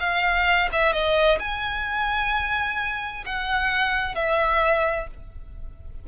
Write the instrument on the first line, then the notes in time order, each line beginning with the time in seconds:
violin
0.00 F5
0.72 E5
0.92 D#5
1.40 G#5
3.26 F#5
4.15 E5